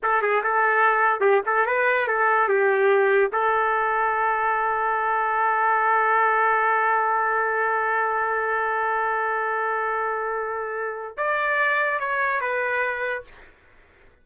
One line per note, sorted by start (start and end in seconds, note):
0.02 0.22 A4
0.22 0.42 G#4
0.43 1.20 A4
1.20 1.41 G4
1.46 1.66 A4
1.66 2.07 B4
2.07 2.48 A4
2.48 3.31 G4
3.32 11.17 A4
11.17 11.99 D5
11.99 12.40 C#5
12.40 13.23 B4